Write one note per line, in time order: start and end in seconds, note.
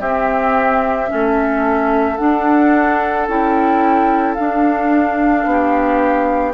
0.00 1.09 C4
0.00 1.07 C4
0.00 1.09 G4
0.00 2.17 E5
1.07 2.19 A3
1.07 2.16 C#4
1.07 5.50 A4
2.17 3.27 D4
2.17 3.28 D4
2.17 3.26 F#5
3.28 4.37 C#4
3.28 4.37 E4
3.28 4.35 G5
4.35 6.54 D4
4.35 5.45 D4
4.35 6.53 F5
5.45 6.54 B3
5.45 6.54 G4